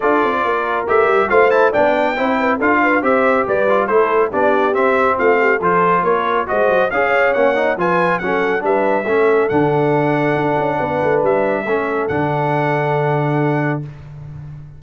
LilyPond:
<<
  \new Staff \with { instrumentName = "trumpet" } { \time 4/4 \tempo 4 = 139 d''2 e''4 f''8 a''8 | g''2 f''4 e''4 | d''4 c''4 d''4 e''4 | f''4 c''4 cis''4 dis''4 |
f''4 fis''4 gis''4 fis''4 | e''2 fis''2~ | fis''2 e''2 | fis''1 | }
  \new Staff \with { instrumentName = "horn" } { \time 4/4 a'4 ais'2 c''4 | d''4 c''8 b'8 a'8 b'8 c''4 | b'4 a'4 g'2 | f'8 g'8 a'4 ais'4 c''4 |
cis''2 b'4 a'4 | b'4 a'2.~ | a'4 b'2 a'4~ | a'1 | }
  \new Staff \with { instrumentName = "trombone" } { \time 4/4 f'2 g'4 f'8 e'8 | d'4 e'4 f'4 g'4~ | g'8 f'8 e'4 d'4 c'4~ | c'4 f'2 fis'4 |
gis'4 cis'8 dis'8 f'4 cis'4 | d'4 cis'4 d'2~ | d'2. cis'4 | d'1 | }
  \new Staff \with { instrumentName = "tuba" } { \time 4/4 d'8 c'8 ais4 a8 g8 a4 | b4 c'4 d'4 c'4 | g4 a4 b4 c'4 | a4 f4 ais4 gis8 fis8 |
cis'4 ais4 f4 fis4 | g4 a4 d2 | d'8 cis'8 b8 a8 g4 a4 | d1 | }
>>